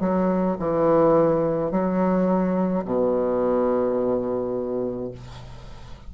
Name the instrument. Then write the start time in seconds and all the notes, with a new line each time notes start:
bassoon
0.00 F#3
0.59 E3
1.71 F#3
2.85 B2